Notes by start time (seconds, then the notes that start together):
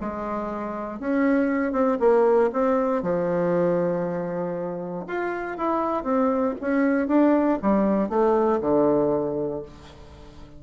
0.00 G#3
1.00 C#4
1.72 C4
1.99 A#3
2.52 C4
3.02 F3
5.07 F4
5.57 E4
6.03 C4
6.61 C#4
7.08 D4
7.62 G3
8.09 A3
8.60 D3